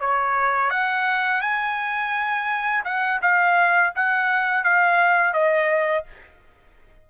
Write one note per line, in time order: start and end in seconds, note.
0.00 0.70 C#5
0.70 1.41 F#5
1.41 2.83 G#5
2.84 3.20 F#5
3.21 3.93 F5
3.95 4.63 F#5
4.63 5.33 F5
5.33 6.05 D#5